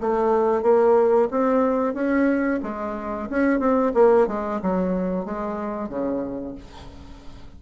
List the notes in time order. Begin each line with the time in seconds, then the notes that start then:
0.00 A3
0.62 A#3
1.30 C4
1.94 C#4
2.63 G#3
3.29 C#4
3.59 C4
3.94 A#3
4.27 G#3
4.62 F#3
5.25 G#3
5.89 C#3